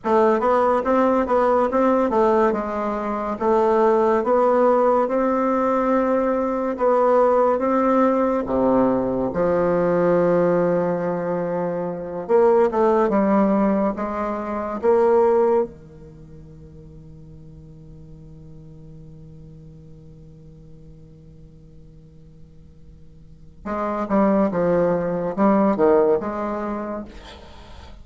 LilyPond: \new Staff \with { instrumentName = "bassoon" } { \time 4/4 \tempo 4 = 71 a8 b8 c'8 b8 c'8 a8 gis4 | a4 b4 c'2 | b4 c'4 c4 f4~ | f2~ f8 ais8 a8 g8~ |
g8 gis4 ais4 dis4.~ | dis1~ | dis1 | gis8 g8 f4 g8 dis8 gis4 | }